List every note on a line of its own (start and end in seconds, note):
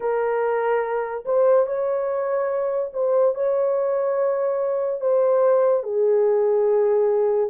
0.00 1.24 A#4
1.25 1.66 C5
1.66 2.91 C#5
2.93 3.34 C5
3.34 5.00 C#5
5.00 5.83 C5
5.83 7.50 G#4